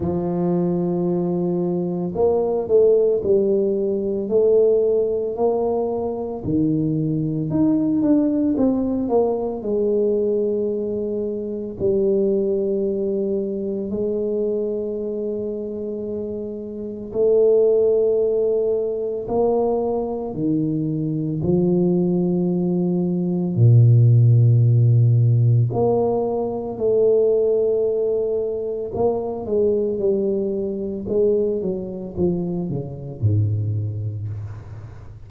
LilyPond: \new Staff \with { instrumentName = "tuba" } { \time 4/4 \tempo 4 = 56 f2 ais8 a8 g4 | a4 ais4 dis4 dis'8 d'8 | c'8 ais8 gis2 g4~ | g4 gis2. |
a2 ais4 dis4 | f2 ais,2 | ais4 a2 ais8 gis8 | g4 gis8 fis8 f8 cis8 gis,4 | }